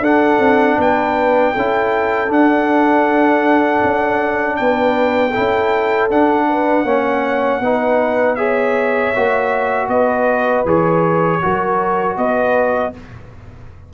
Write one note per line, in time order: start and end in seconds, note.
0.00 0.38 D4
0.00 1.55 D4
0.00 0.77 A4
0.00 0.80 F#5
0.39 0.77 C4
0.78 1.53 B3
0.78 1.53 B4
0.78 2.32 G5
1.53 2.28 C#4
1.53 2.27 E4
1.53 4.57 A4
2.27 5.31 D4
2.27 3.80 D4
2.27 4.56 F#5
3.84 4.59 C#4
4.56 5.36 B3
4.56 5.31 B4
4.56 6.08 G5
5.31 6.10 E4
5.31 6.44 A4
5.38 6.10 C#4
6.10 6.84 D4
6.10 6.85 D4
6.10 8.36 F#5
6.49 6.85 B4
6.84 7.60 A#3
6.84 7.61 C#4
6.84 7.61 C#5
7.60 9.12 B3
7.60 8.37 D#4
7.60 8.37 B4
8.36 9.13 G#4
8.36 9.89 C#5
8.36 9.87 E5
9.15 9.88 A#3
9.15 10.66 F#4
9.88 10.64 B3
9.88 11.41 B4
9.88 10.65 D#5
10.65 11.41 E3
10.65 11.41 G#4
10.65 12.18 C#5
11.41 12.17 F#3
11.41 12.93 F#4
11.41 12.17 A#4
12.17 12.93 B3
12.17 12.93 B4
12.17 12.94 D#5